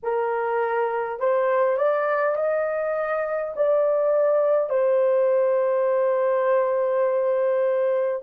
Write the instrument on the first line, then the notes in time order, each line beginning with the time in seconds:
horn
0.02 A#4
1.19 C5
1.77 D5
2.36 D#5
3.56 D5
4.69 C5